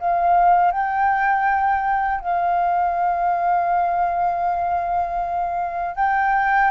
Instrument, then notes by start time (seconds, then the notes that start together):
flute
0.00 F5
0.72 G5
2.21 F5
5.96 G5